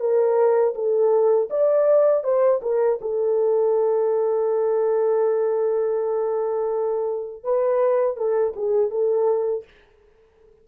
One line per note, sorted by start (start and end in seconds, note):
0.00 0.74 A#4
0.75 1.49 A4
1.50 2.23 D5
2.23 2.60 C5
2.62 2.99 A#4
3.01 7.43 A4
7.43 8.16 B4
8.16 8.54 A4
8.56 8.90 G#4
8.90 9.64 A4